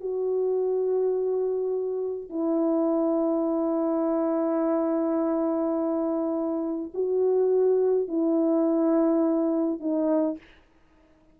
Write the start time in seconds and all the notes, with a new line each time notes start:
0.00 F#4
2.29 E4
6.94 F#4
8.08 E4
9.80 D#4